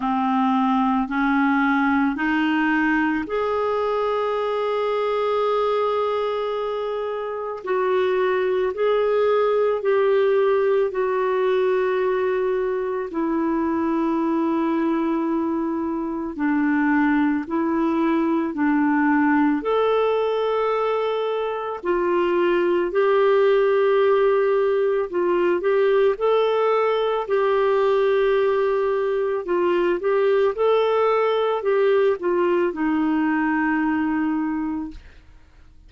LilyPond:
\new Staff \with { instrumentName = "clarinet" } { \time 4/4 \tempo 4 = 55 c'4 cis'4 dis'4 gis'4~ | gis'2. fis'4 | gis'4 g'4 fis'2 | e'2. d'4 |
e'4 d'4 a'2 | f'4 g'2 f'8 g'8 | a'4 g'2 f'8 g'8 | a'4 g'8 f'8 dis'2 | }